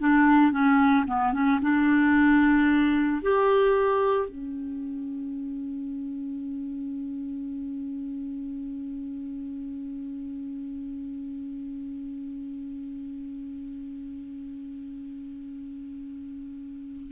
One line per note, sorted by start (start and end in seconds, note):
0.00 0.52 D4
0.52 1.06 C#4
1.07 1.33 B3
1.33 1.60 C#4
1.62 3.23 D4
3.23 4.29 G4
4.29 17.12 C#4